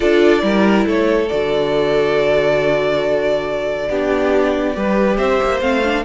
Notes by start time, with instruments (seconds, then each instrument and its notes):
0.00 cello D4, viola F4, violin A4 D5
0.40 cello G3, viola E4, violin A#4
0.86 cello A3, violin A4 C#5
1.29 cello D3, viola F#4, violin D5
3.89 cello B3, viola D4, violin G4
4.74 cello G3, viola G4, violin B4
5.17 cello C4, violin C5 E5
5.42 cello A#3
5.61 cello A3, viola C4, violin F5
5.83 viola D4